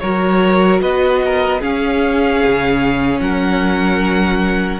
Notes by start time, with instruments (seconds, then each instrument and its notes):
0.00 cello F#3, viola F#4, violin A#4 C#5
0.82 cello B3, violin B4 D#5
1.26 violin A#4
1.61 viola C#4, cello C#4, violin G#4 F5
2.46 cello C#3
3.20 cello F#3, violin A#4 F#5